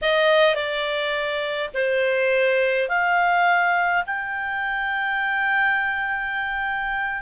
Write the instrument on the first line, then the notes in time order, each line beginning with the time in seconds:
clarinet
0.01 D#5
0.54 D5
1.74 C5
2.88 F5
4.06 G5